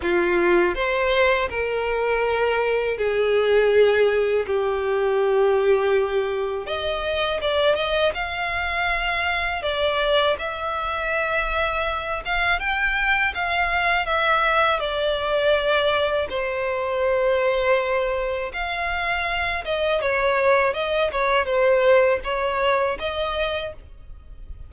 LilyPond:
\new Staff \with { instrumentName = "violin" } { \time 4/4 \tempo 4 = 81 f'4 c''4 ais'2 | gis'2 g'2~ | g'4 dis''4 d''8 dis''8 f''4~ | f''4 d''4 e''2~ |
e''8 f''8 g''4 f''4 e''4 | d''2 c''2~ | c''4 f''4. dis''8 cis''4 | dis''8 cis''8 c''4 cis''4 dis''4 | }